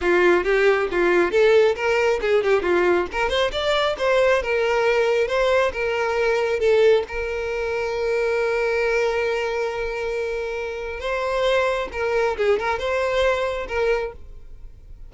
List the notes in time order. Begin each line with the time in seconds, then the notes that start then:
0.01 F4
0.44 G4
0.91 F4
1.31 A4
1.75 A#4
2.21 G#4
2.43 G4
2.62 F4
3.12 A#4
3.29 C5
3.52 D5
3.98 C5
4.42 A#4
5.27 C5
5.72 A#4
6.59 A4
7.08 A#4
11.00 C5
11.92 A#4
12.37 G#4
12.59 A#4
12.78 C5
13.68 A#4